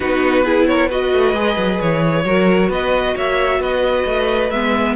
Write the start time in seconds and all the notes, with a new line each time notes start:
0.00 B3 D#4 F#4 B4
0.44 E4 G#4
0.66 A#4 C#5
0.88 F#4 B4 D#5
1.13 A3
1.33 G#3 G#4
1.57 F#3
1.80 E3 C#5
2.24 F#3 F#4 A#4
2.68 B3 B4 D#5
3.15 A#3 C#5 E5
3.59 B3 B4 D#5
4.05 A3
4.49 G#3 B3 E5